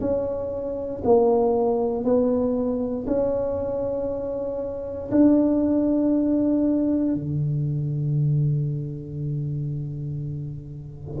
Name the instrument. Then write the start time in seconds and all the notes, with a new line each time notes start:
tuba
0.00 C#4
1.04 A#3
2.04 B3
3.06 C#4
5.11 D4
7.14 D3